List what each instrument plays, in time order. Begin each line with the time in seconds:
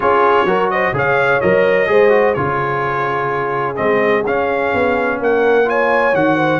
0.00 tuba C#4, trombone F4, horn G#4, trumpet C#5
0.44 tuba F#3, trombone F#4, horn A#4
0.70 horn C5, trumpet D#5
0.92 tuba C#3, trombone G#4, horn C#5, trumpet F5
1.40 tuba F#3, trombone A#4, trumpet D#5
1.87 tuba G#3, trombone G#4, horn C5
2.09 trombone F#4
2.33 tuba C#3, trombone F4, horn G#4, trumpet C#5
3.76 tuba G#3, trombone C4, trumpet D#5
4.26 tuba C#4, trombone C#4, trumpet F5
4.74 tuba B3
5.19 tuba A#3, horn A#4, trumpet F#5
5.64 trombone F4, horn C#5, trumpet G#5
6.13 tuba D#3, trombone F#4, trumpet F#5
6.36 horn C5